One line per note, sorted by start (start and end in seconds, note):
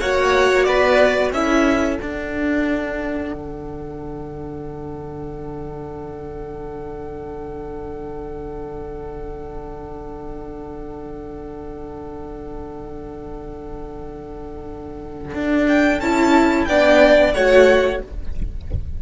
0.00 0.67 A#3
0.00 1.34 F#4
0.00 0.67 C#5
0.00 0.63 F#5
0.63 1.32 B3
0.63 1.34 B4
0.63 1.30 D5
1.32 1.98 C#4
1.32 1.99 E4
1.32 16.68 A4
1.32 1.99 E5
1.99 15.99 D4
1.99 3.33 D4
1.99 15.66 F#5
3.33 15.33 D3
15.34 16.00 D4
15.68 16.00 G5
16.00 16.67 C#4
16.00 16.69 E4
16.00 16.65 A5
16.65 17.34 B3
16.65 17.35 D4
16.65 17.35 D5
16.65 17.32 G5
17.34 18.01 A3
17.34 18.02 F#4
17.34 18.02 C#5
17.34 18.00 F#5